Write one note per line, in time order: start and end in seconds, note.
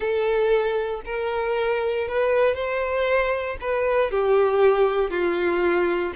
0.00 1.01 A4
1.05 2.07 A#4
2.08 2.54 B4
2.54 3.57 C5
3.60 4.10 B4
4.10 5.10 G4
5.10 6.13 F4